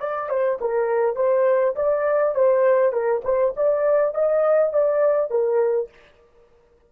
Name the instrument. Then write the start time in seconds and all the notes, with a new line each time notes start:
horn
0.00 D5
0.30 C5
0.62 A#4
1.16 C5
1.76 D5
2.35 C5
2.93 A#4
3.25 C5
3.57 D5
4.15 D#5
4.73 D5
5.31 A#4